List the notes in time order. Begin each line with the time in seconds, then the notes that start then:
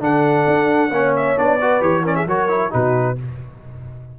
0.00 D3 D4 A4 F#5
0.47 D4
0.90 A#3 C#4 C#5
1.16 E5
1.36 B3 D4 D5
1.58 F#4 B4
1.80 E3 G4 C#5
2.03 C#4 A#4 D5
2.15 G#4 E5
2.26 F#3 F#4 A#4 C#5
2.49 E4
2.70 B2 D#4 F#4 B4